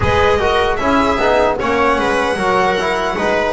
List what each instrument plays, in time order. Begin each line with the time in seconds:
0.00 double bass G#3, trombone G#4, viola B4, violin D#5
0.38 trombone F#4, viola A#4
0.76 double bass C#4, trombone E4, viola G#4, violin E5
1.17 double bass B3, trombone D#4
1.58 double bass A#3, trombone C#4, viola C#5, violin F#5
1.98 double bass G#3, viola B4
2.36 double bass F#3, trombone F#4, viola A#4
2.79 trombone E4
3.18 double bass G#3, trombone D#4, viola B4